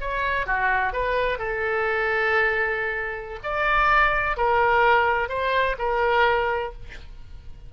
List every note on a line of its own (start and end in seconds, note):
0.00 0.46 C#5
0.46 0.93 F#4
0.93 1.38 B4
1.38 3.39 A4
3.43 4.37 D5
4.37 5.29 A#4
5.29 5.76 C5
5.78 6.73 A#4